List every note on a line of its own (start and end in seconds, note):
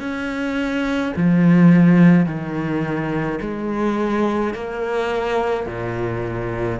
0.00 1.13 C#4
1.17 2.26 F3
2.26 3.40 D#3
3.41 4.54 G#3
4.54 5.67 A#3
5.67 6.80 A#2